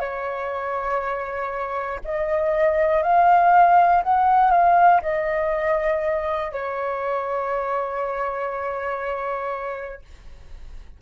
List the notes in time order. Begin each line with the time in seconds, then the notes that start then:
0.00 C#5
2.05 D#5
3.02 F5
4.03 F#5
4.51 F5
5.01 D#5
6.51 C#5